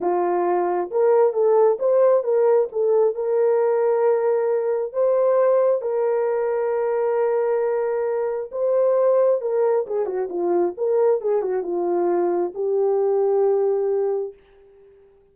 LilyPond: \new Staff \with { instrumentName = "horn" } { \time 4/4 \tempo 4 = 134 f'2 ais'4 a'4 | c''4 ais'4 a'4 ais'4~ | ais'2. c''4~ | c''4 ais'2.~ |
ais'2. c''4~ | c''4 ais'4 gis'8 fis'8 f'4 | ais'4 gis'8 fis'8 f'2 | g'1 | }